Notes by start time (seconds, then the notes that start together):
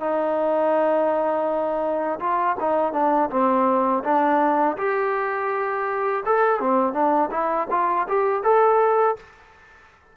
0.00 D#4
2.20 F4
2.60 D#4
2.93 D4
3.30 C4
4.04 D4
4.77 G4
6.26 A4
6.60 C4
6.93 D4
7.31 E4
7.71 F4
8.08 G4
8.43 A4